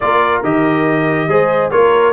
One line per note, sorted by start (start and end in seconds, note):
0.00 0.43 A#3
0.00 0.44 F4
0.00 1.29 A#4
0.00 0.42 D5
0.43 1.27 D#3
0.43 1.29 G4
0.43 1.70 D#5
1.27 1.70 G#3
1.27 1.71 G#4
1.27 1.71 C5
1.70 2.13 A#3
1.70 2.13 F4
1.70 2.13 A#4
1.70 2.13 C#5